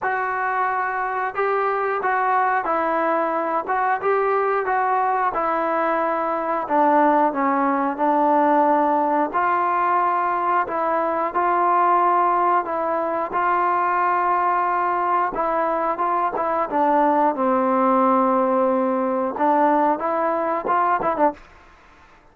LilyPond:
\new Staff \with { instrumentName = "trombone" } { \time 4/4 \tempo 4 = 90 fis'2 g'4 fis'4 | e'4. fis'8 g'4 fis'4 | e'2 d'4 cis'4 | d'2 f'2 |
e'4 f'2 e'4 | f'2. e'4 | f'8 e'8 d'4 c'2~ | c'4 d'4 e'4 f'8 e'16 d'16 | }